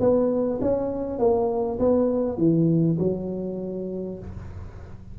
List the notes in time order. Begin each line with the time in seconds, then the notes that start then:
0.00 B3
0.61 C#4
1.19 A#3
1.79 B3
2.38 E3
2.99 F#3